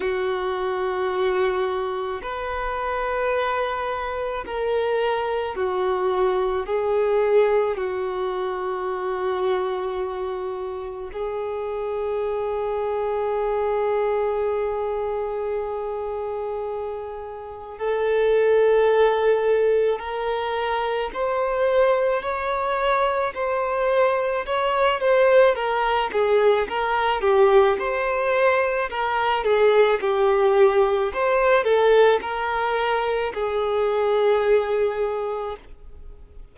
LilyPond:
\new Staff \with { instrumentName = "violin" } { \time 4/4 \tempo 4 = 54 fis'2 b'2 | ais'4 fis'4 gis'4 fis'4~ | fis'2 gis'2~ | gis'1 |
a'2 ais'4 c''4 | cis''4 c''4 cis''8 c''8 ais'8 gis'8 | ais'8 g'8 c''4 ais'8 gis'8 g'4 | c''8 a'8 ais'4 gis'2 | }